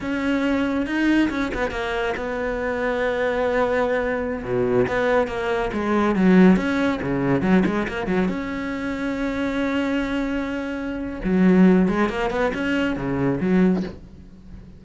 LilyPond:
\new Staff \with { instrumentName = "cello" } { \time 4/4 \tempo 4 = 139 cis'2 dis'4 cis'8 b8 | ais4 b2.~ | b2~ b16 b,4 b8.~ | b16 ais4 gis4 fis4 cis'8.~ |
cis'16 cis4 fis8 gis8 ais8 fis8 cis'8.~ | cis'1~ | cis'2 fis4. gis8 | ais8 b8 cis'4 cis4 fis4 | }